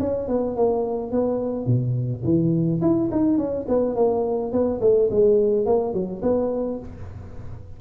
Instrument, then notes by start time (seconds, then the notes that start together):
tuba
0.00 C#4
0.28 B3
0.56 A#3
1.11 B3
1.66 B2
2.24 E3
2.81 E4
3.12 D#4
3.38 C#4
3.68 B3
3.96 A#3
4.52 B3
4.81 A3
5.11 G#3
5.66 A#3
5.94 F#3
6.22 B3